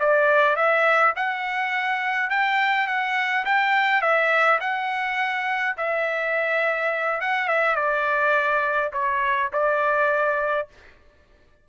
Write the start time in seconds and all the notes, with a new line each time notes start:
0.00 D5
0.56 E5
1.16 F#5
2.31 G5
2.88 F#5
3.46 G5
4.02 E5
4.61 F#5
5.78 E5
7.21 F#5
7.48 E5
7.76 D5
8.93 C#5
9.53 D5